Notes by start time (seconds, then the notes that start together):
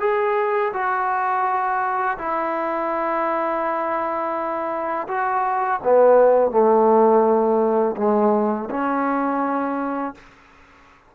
0.00 G#4
0.73 F#4
2.18 E4
5.08 F#4
5.84 B3
6.51 A3
7.97 G#3
8.70 C#4